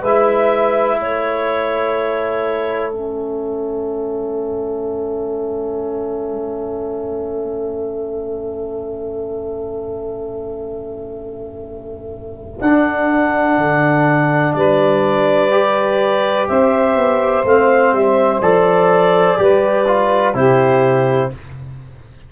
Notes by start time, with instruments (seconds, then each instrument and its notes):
0.00 tuba G#3, saxophone B4, clarinet E5
0.06 trombone E4
0.98 tuba A3, saxophone A4, clarinet C#5
2.92 trombone C#4, clarinet E5
12.61 tuba D4, trombone D4, clarinet F#5
13.57 tuba D3
14.53 tuba G3, saxophone B4, clarinet D5
15.51 trombone G4
16.48 tuba C4, saxophone C5, clarinet E5
16.95 tuba B3
17.44 tuba A3, trombone C4, clarinet F5
17.92 tuba G3, clarinet E5
18.41 tuba F3, trombone A4, clarinet D5
19.37 tuba G3, trombone G4, saxophone B4
19.87 trombone F4
20.34 tuba C3, trombone E4, saxophone G4, clarinet C5